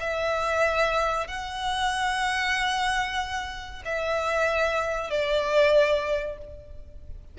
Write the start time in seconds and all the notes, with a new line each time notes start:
0.00 E5
1.28 F#5
3.86 E5
5.10 D5